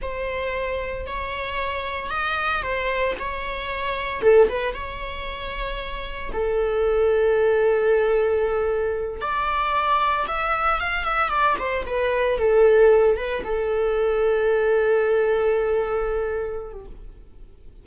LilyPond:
\new Staff \with { instrumentName = "viola" } { \time 4/4 \tempo 4 = 114 c''2 cis''2 | dis''4 c''4 cis''2 | a'8 b'8 cis''2. | a'1~ |
a'4. d''2 e''8~ | e''8 f''8 e''8 d''8 c''8 b'4 a'8~ | a'4 b'8 a'2~ a'8~ | a'2.~ a'8. g'16 | }